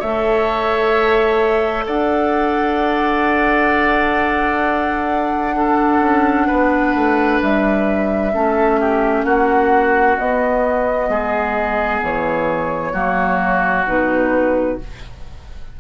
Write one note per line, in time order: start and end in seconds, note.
0.00 1.87 A3
0.00 5.54 A4
0.00 1.85 C#5
0.00 1.86 E5
1.87 6.01 D4
1.87 5.56 D5
1.87 7.41 F#5
5.54 8.31 D4
5.54 6.47 A4
6.01 6.47 C#4
6.47 6.95 B3
6.47 8.32 B4
6.95 7.41 A3
7.42 8.34 G3
7.42 9.24 E5
8.33 9.25 A3
8.33 10.18 C#4
8.33 8.80 A4
8.80 9.26 G4
9.24 10.17 A#3
9.24 11.10 F#4
9.24 10.17 F#5
10.17 12.93 B3
10.17 11.09 B3
10.17 12.02 D#5
11.09 12.01 G#3
11.09 12.93 G#4
12.02 12.93 E3
12.02 13.88 C#5
12.93 13.86 F#3
12.93 13.86 A#3
12.93 14.78 F#4
13.87 14.80 B2
13.87 14.79 D#4
13.87 14.80 B4